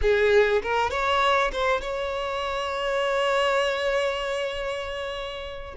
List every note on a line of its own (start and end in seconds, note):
0.01 0.62 G#4
0.62 0.90 A#4
0.90 1.51 C#5
1.52 1.81 C5
1.81 5.75 C#5